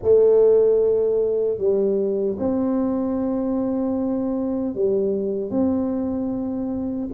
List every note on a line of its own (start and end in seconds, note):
0.02 1.58 A3
1.58 2.36 G3
2.38 4.74 C4
4.74 5.50 G3
5.50 7.08 C4